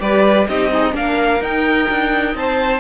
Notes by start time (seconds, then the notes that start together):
0.00 G3 G4 B4 D5
0.49 C4 D#4 G4 D#5
0.71 D#4 G#4
0.92 A#3 D4 A#4 F5
1.41 D#4 G5
1.90 D4
2.35 C4 C5 A5